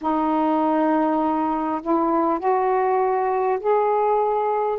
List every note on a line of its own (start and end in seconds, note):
0.01 1.81 D#4
1.82 2.39 E4
2.39 3.59 F#4
3.60 4.78 G#4